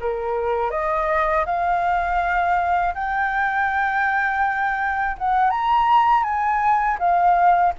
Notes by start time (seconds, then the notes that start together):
0.00 A#4
0.71 D#5
1.46 F5
2.95 G5
5.18 F#5
5.50 A#5
6.23 G#5
6.99 F5